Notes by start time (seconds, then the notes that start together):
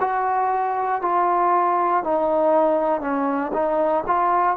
0.00 F#4
1.02 F4
2.04 D#4
3.01 C#4
3.53 D#4
4.07 F4